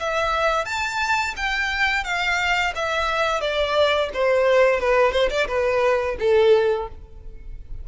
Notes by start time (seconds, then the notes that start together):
0.00 E5
0.66 A5
1.37 G5
2.04 F5
2.76 E5
3.41 D5
4.13 C5
4.80 B4
5.12 C5
5.30 D5
5.48 B4
6.19 A4